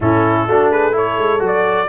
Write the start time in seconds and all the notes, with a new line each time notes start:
0.00 A2 C#4 E4 A4
0.47 A3 D4 F#4
0.70 G#4 B4
0.92 E4 A4 C#5
1.18 G#3
1.39 F#3 F#4
1.46 D5